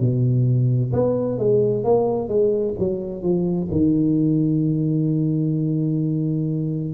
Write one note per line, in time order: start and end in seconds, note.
0.00 0.92 B2
0.93 1.38 B3
1.38 1.84 G#3
1.84 2.28 A#3
2.28 2.74 G#3
2.79 3.23 F#3
3.23 3.69 F3
3.71 6.94 D#3